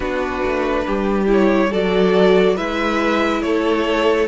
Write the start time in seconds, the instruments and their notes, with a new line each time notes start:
0.00 cello B3, viola D4, violin F#4 B4
0.44 cello A3
0.86 cello G3, violin G4
1.26 viola E4, violin C#5
1.71 cello F#3, viola F#4, violin A4 D5
2.55 cello G#3, viola E4, violin B4 E5
3.42 cello A3, violin A4 C#5